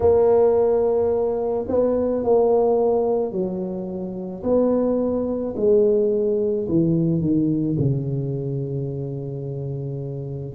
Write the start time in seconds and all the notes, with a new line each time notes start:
0.00 A#3
1.68 B3
2.23 A#3
3.31 F#3
4.43 B3
5.56 G#3
6.68 E3
7.21 D#3
7.78 C#3